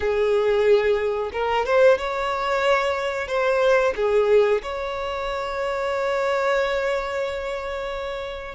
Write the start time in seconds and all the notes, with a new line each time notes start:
0.00 G#4
1.32 A#4
1.65 C5
1.98 C#5
3.27 C5
3.96 G#4
4.62 C#5